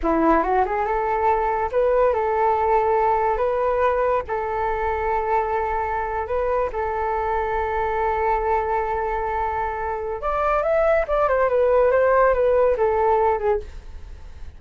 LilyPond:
\new Staff \with { instrumentName = "flute" } { \time 4/4 \tempo 4 = 141 e'4 fis'8 gis'8 a'2 | b'4 a'2. | b'2 a'2~ | a'2~ a'8. b'4 a'16~ |
a'1~ | a'1 | d''4 e''4 d''8 c''8 b'4 | c''4 b'4 a'4. gis'8 | }